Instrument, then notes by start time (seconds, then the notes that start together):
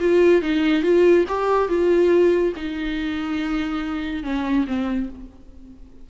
viola
0.00 F4
0.42 D#4
0.83 F4
1.28 G4
1.68 F4
2.56 D#4
4.23 C#4
4.67 C4